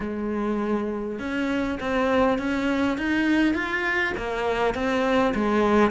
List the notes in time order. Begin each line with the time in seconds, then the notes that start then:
0.00 G#3
1.19 C#4
1.80 C4
2.38 C#4
2.97 D#4
3.53 F4
4.17 A#3
4.74 C4
5.34 G#3